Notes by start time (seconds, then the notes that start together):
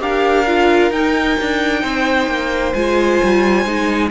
0.00 D4 G4 A#4 F5
0.47 F4
0.91 D#4 G5
1.40 D4
1.81 C4 C5
2.27 A#3
2.73 G#3 F4 G#5
3.23 G3
3.65 G#3 D#4